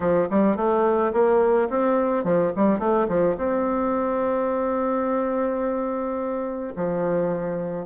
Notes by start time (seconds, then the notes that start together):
0.00 F3
0.30 G3
0.56 A3
1.12 A#3
1.69 C4
2.24 F3
2.56 G3
2.79 A3
3.08 F3
3.37 C4
6.75 F3